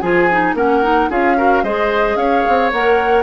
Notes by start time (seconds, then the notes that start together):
0.00 F3 F4 G#4 G#5
0.31 D#4
0.54 A#3 C#4 A#4 F#5
0.83 D#4
1.10 C#4 F4 G#4 F5
1.36 F#4 A#4
1.63 G#3 G#4 C5 D#5
2.16 C#4 C#5 F5
2.48 C4
2.72 A#3 A#4 F#5